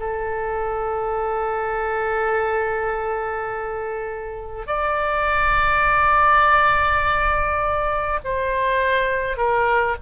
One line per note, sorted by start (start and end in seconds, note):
0.00 4.67 A4
4.67 8.20 D5
8.25 9.37 C5
9.37 9.96 A#4